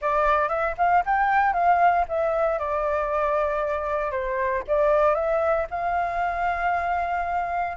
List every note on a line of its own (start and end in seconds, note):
0.01 0.49 D5
0.49 0.75 E5
0.77 1.03 F5
1.05 1.53 G5
1.53 2.05 F5
2.08 2.59 E5
2.59 4.11 D5
4.11 4.62 C5
4.67 5.14 D5
5.14 5.66 E5
5.70 7.77 F5